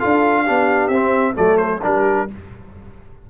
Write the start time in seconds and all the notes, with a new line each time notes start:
0.00 D4 F4 A4 F5
0.43 D4 G4
0.49 B3
0.88 C4 E5
1.36 F#3 A3 A4 D5
1.58 C5
1.82 G3 D4 G4 A#4